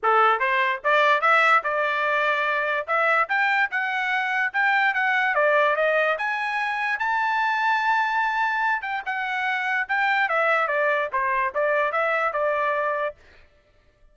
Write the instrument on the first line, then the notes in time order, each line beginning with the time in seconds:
trumpet
0.02 A4
0.39 C5
0.84 D5
1.21 E5
1.63 D5
2.87 E5
3.29 G5
3.70 F#5
4.53 G5
4.94 F#5
5.34 D5
5.76 D#5
6.18 G#5
6.99 A5
8.82 G5
9.05 F#5
9.88 G5
10.29 E5
10.67 D5
11.12 C5
11.54 D5
11.92 E5
12.33 D5